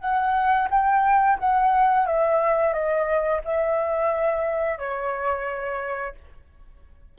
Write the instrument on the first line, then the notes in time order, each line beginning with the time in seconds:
flute
0.00 F#5
0.70 G5
1.39 F#5
2.06 E5
2.73 D#5
3.45 E5
4.78 C#5